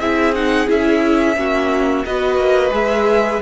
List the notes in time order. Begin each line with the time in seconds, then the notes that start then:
0.00 C4 E4 G#4 E5
0.35 D#4 F#5
0.67 C#4 E4 E5
1.37 A#3 C#4 F#4
2.05 B3 F#4 B4 D#5
2.37 A#3
2.72 G#3 G#4 E5